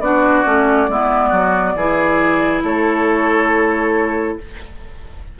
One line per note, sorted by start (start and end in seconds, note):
0.00 0.43 B3
0.00 0.45 D4
0.00 0.90 F#4
0.00 2.62 D5
0.45 0.88 A3
0.45 0.88 C#4
0.88 1.32 G#3
0.88 1.78 B3
0.88 1.29 E4
1.29 1.75 F#3
1.29 1.73 F#4
1.75 2.62 E3
1.75 4.39 E4
1.75 2.63 G#4
2.63 4.37 A3
2.63 4.38 A4
2.63 4.38 C#5